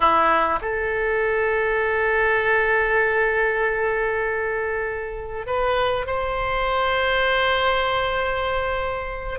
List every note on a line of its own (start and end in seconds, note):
0.00 0.59 E4
0.61 5.46 A4
5.46 6.06 B4
6.06 9.39 C5